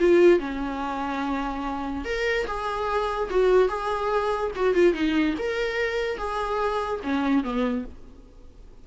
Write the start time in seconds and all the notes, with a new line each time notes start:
0.00 F4
0.39 C#4
2.05 A#4
2.47 G#4
3.30 F#4
3.69 G#4
4.56 F#4
4.75 F4
4.94 D#4
5.39 A#4
6.18 G#4
7.04 C#4
7.44 B3